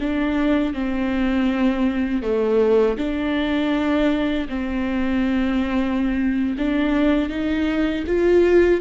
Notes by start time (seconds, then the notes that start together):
0.00 D4
0.73 C4
2.22 A3
2.98 D4
4.49 C4
6.58 D4
7.29 D#4
8.07 F4